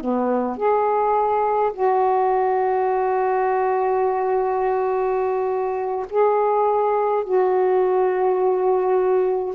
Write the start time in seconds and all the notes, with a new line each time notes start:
0.00 B3
0.57 G#4
1.73 F#4
6.09 G#4
7.24 F#4